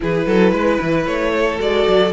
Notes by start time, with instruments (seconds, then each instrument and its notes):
0.00 cello E3, viola E4, violin G#4 B4
0.26 cello F#3, violin A4
0.52 cello G#3, violin B4
0.81 cello E3
1.06 cello A3, violin C#5
1.36 violin A4
1.58 cello G#3, viola F#4, violin D5
1.87 cello F#3